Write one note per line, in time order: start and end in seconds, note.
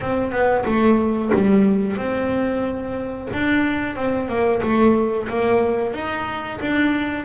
0.01 0.31 C4
0.31 0.64 B3
0.65 1.31 A3
1.34 1.96 G3
1.96 3.28 C4
3.33 3.95 D4
3.95 4.28 C4
4.28 4.61 A#3
4.62 5.28 A3
5.28 5.93 A#3
5.93 6.59 D#4
6.61 7.24 D4